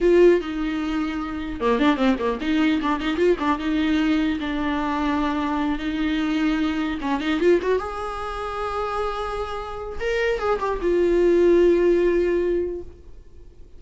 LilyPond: \new Staff \with { instrumentName = "viola" } { \time 4/4 \tempo 4 = 150 f'4 dis'2. | ais8 d'8 c'8 ais8 dis'4 d'8 dis'8 | f'8 d'8 dis'2 d'4~ | d'2~ d'8 dis'4.~ |
dis'4. cis'8 dis'8 f'8 fis'8 gis'8~ | gis'1~ | gis'4 ais'4 gis'8 g'8 f'4~ | f'1 | }